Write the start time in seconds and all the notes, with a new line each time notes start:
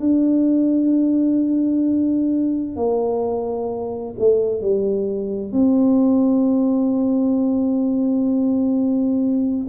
0.00 D4
2.77 A#3
4.20 A3
4.62 G3
5.53 C4